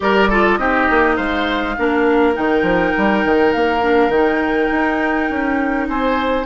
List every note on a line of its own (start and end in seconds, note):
0.00 0.58 G3
0.00 0.28 G4
0.00 0.29 A#4
0.00 0.57 D5
0.29 0.58 F4
0.29 0.58 A4
0.57 0.87 C4
0.57 1.76 D#4
0.57 1.16 G4
0.57 1.16 D#5
0.90 1.17 A#3
1.16 1.76 G#3
1.16 1.75 C5
1.16 2.34 F5
1.77 2.37 A#3
1.77 2.33 D4
1.77 5.89 A#4
2.33 2.62 D#3
2.33 3.80 D#4
2.33 3.53 G5
2.62 2.91 F3
2.97 3.24 G3
3.24 3.54 D#3
3.53 4.08 A#3
3.53 4.10 F5
3.81 4.10 D4
4.08 4.67 D#3
4.08 6.45 D#4
4.08 5.87 G5
4.71 5.30 D#4
5.30 5.88 C#4
5.88 6.45 C4
5.88 6.45 C5
5.88 6.45 G#5